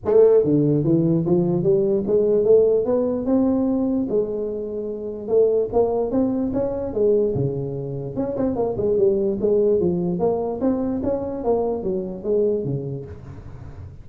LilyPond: \new Staff \with { instrumentName = "tuba" } { \time 4/4 \tempo 4 = 147 a4 d4 e4 f4 | g4 gis4 a4 b4 | c'2 gis2~ | gis4 a4 ais4 c'4 |
cis'4 gis4 cis2 | cis'8 c'8 ais8 gis8 g4 gis4 | f4 ais4 c'4 cis'4 | ais4 fis4 gis4 cis4 | }